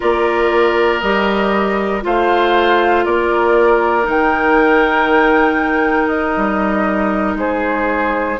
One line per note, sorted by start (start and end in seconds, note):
0.00 1.02 A#3
0.00 1.01 F4
0.00 2.03 A#4
0.00 1.00 D5
1.00 2.03 G3
1.00 2.01 G4
1.00 2.01 D#5
2.01 3.05 A3
2.01 4.03 F4
2.01 3.05 C5
2.01 3.04 F5
3.04 4.06 A#3
3.04 7.37 A#4
3.04 4.06 D5
4.03 6.35 D#3
4.03 8.35 D#4
4.09 6.07 G5
6.07 7.34 D#5
6.36 7.35 G3
7.35 8.37 G#3
7.35 8.39 G#4
7.35 8.39 C5